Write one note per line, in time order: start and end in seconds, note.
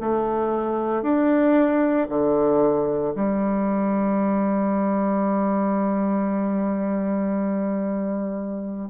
0.00 1.02 A3
1.02 2.07 D4
2.08 3.13 D3
3.15 8.89 G3